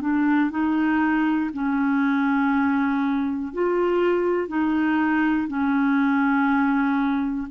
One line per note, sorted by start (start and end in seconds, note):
0.00 0.50 D4
0.50 1.50 D#4
1.53 3.53 C#4
3.53 4.48 F4
4.48 5.47 D#4
5.47 7.47 C#4